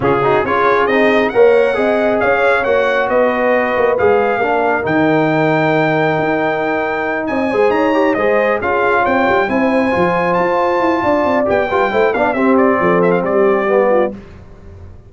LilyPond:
<<
  \new Staff \with { instrumentName = "trumpet" } { \time 4/4 \tempo 4 = 136 gis'4 cis''4 dis''4 fis''4~ | fis''4 f''4 fis''4 dis''4~ | dis''4 f''2 g''4~ | g''1~ |
g''8 gis''4 ais''4 dis''4 f''8~ | f''8 g''4 gis''2 a''8~ | a''2 g''4. f''8 | e''8 d''4 e''16 f''16 d''2 | }
  \new Staff \with { instrumentName = "horn" } { \time 4/4 f'8 fis'8 gis'2 cis''4 | dis''4 cis''2 b'4~ | b'2 ais'2~ | ais'1~ |
ais'8 dis''8 c''8 cis''4 c''4 gis'8~ | gis'8 cis''4 c''2~ c''8~ | c''4 d''4. b'8 c''8 d''8 | g'4 a'4 g'4. f'8 | }
  \new Staff \with { instrumentName = "trombone" } { \time 4/4 cis'8 dis'8 f'4 dis'4 ais'4 | gis'2 fis'2~ | fis'4 gis'4 d'4 dis'4~ | dis'1~ |
dis'4 gis'4 g'8 gis'4 f'8~ | f'4. e'4 f'4.~ | f'2 g'8 f'8 e'8 d'8 | c'2. b4 | }
  \new Staff \with { instrumentName = "tuba" } { \time 4/4 cis4 cis'4 c'4 ais4 | c'4 cis'4 ais4 b4~ | b8 ais8 gis4 ais4 dis4~ | dis2 dis'2~ |
dis'8 c'8 gis8 dis'4 gis4 cis'8~ | cis'8 c'8 g8 c'4 f4 f'8~ | f'8 e'8 d'8 c'8 b8 g8 a8 b8 | c'4 f4 g2 | }
>>